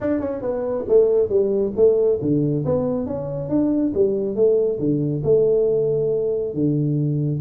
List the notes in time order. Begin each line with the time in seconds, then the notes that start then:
0.01 D4
0.20 C#4
0.41 B3
0.88 A3
1.29 G3
1.75 A3
2.21 D3
2.65 B3
3.06 C#4
3.49 D4
3.94 G3
4.35 A3
4.79 D3
5.23 A3
6.54 D3